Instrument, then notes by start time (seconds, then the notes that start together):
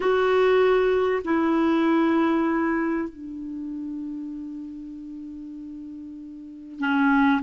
clarinet
0.00 F#4
1.24 E4
3.09 D4
6.79 C#4